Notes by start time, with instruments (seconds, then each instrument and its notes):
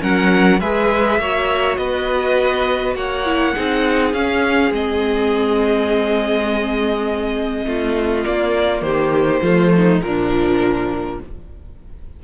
0.00 cello F#3, viola C#4, violin A#4 F#5
0.60 cello G#3, viola G#4, violin B4 E5
1.19 cello A#3, viola F#4, violin C#5
1.77 cello B3, violin B4 D#5
2.95 cello A#3, violin C#5 F#5
3.25 viola E4
3.54 cello C4, viola D#4, violin G#4
4.13 cello C#4, viola C#4, violin F5
4.72 cello G#3, viola C4, violin D#5
7.66 cello A3, violin F4
8.25 viola A#3, cello A#3, violin D5
8.82 cello D#3, violin G4 C5
9.42 cello F3, viola A3, violin F4
9.76 violin D#4
10.02 cello A#2, viola F3, violin D4 A#4